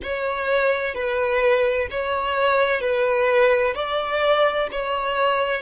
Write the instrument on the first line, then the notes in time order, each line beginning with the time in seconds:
violin
0.03 C#5
0.94 B4
1.90 C#5
2.80 B4
3.74 D5
4.71 C#5